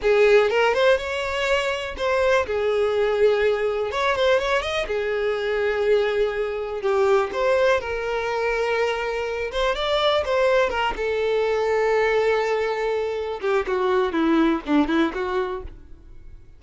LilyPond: \new Staff \with { instrumentName = "violin" } { \time 4/4 \tempo 4 = 123 gis'4 ais'8 c''8 cis''2 | c''4 gis'2. | cis''8 c''8 cis''8 dis''8 gis'2~ | gis'2 g'4 c''4 |
ais'2.~ ais'8 c''8 | d''4 c''4 ais'8 a'4.~ | a'2.~ a'8 g'8 | fis'4 e'4 d'8 e'8 fis'4 | }